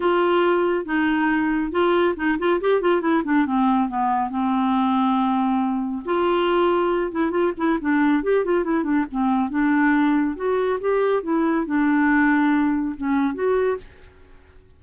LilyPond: \new Staff \with { instrumentName = "clarinet" } { \time 4/4 \tempo 4 = 139 f'2 dis'2 | f'4 dis'8 f'8 g'8 f'8 e'8 d'8 | c'4 b4 c'2~ | c'2 f'2~ |
f'8 e'8 f'8 e'8 d'4 g'8 f'8 | e'8 d'8 c'4 d'2 | fis'4 g'4 e'4 d'4~ | d'2 cis'4 fis'4 | }